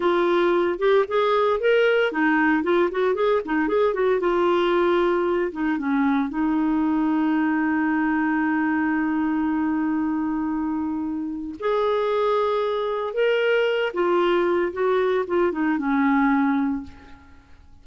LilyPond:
\new Staff \with { instrumentName = "clarinet" } { \time 4/4 \tempo 4 = 114 f'4. g'8 gis'4 ais'4 | dis'4 f'8 fis'8 gis'8 dis'8 gis'8 fis'8 | f'2~ f'8 dis'8 cis'4 | dis'1~ |
dis'1~ | dis'2 gis'2~ | gis'4 ais'4. f'4. | fis'4 f'8 dis'8 cis'2 | }